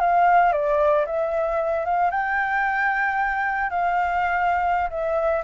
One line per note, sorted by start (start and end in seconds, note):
0.00 0.52 F5
0.52 1.05 D5
1.06 1.85 E5
1.85 2.11 F5
2.11 3.70 G5
3.70 4.89 F5
4.90 5.43 E5